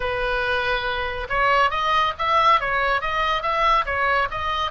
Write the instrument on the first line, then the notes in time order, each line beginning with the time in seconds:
oboe
0.00 B4
1.29 C#5
1.70 D#5
2.18 E5
2.60 C#5
3.01 D#5
3.42 E5
3.85 C#5
4.31 D#5